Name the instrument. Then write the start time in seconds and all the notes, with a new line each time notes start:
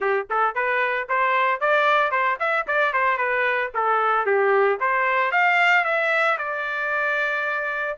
trumpet
0.00 G4
0.30 A4
0.55 B4
1.08 C5
1.60 D5
2.11 C5
2.39 E5
2.67 D5
2.93 C5
3.17 B4
3.74 A4
4.26 G4
4.79 C5
5.31 F5
5.84 E5
6.37 D5